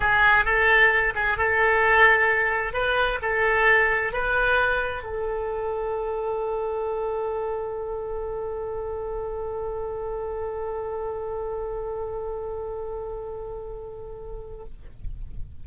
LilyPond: \new Staff \with { instrumentName = "oboe" } { \time 4/4 \tempo 4 = 131 gis'4 a'4. gis'8 a'4~ | a'2 b'4 a'4~ | a'4 b'2 a'4~ | a'1~ |
a'1~ | a'1~ | a'1~ | a'1 | }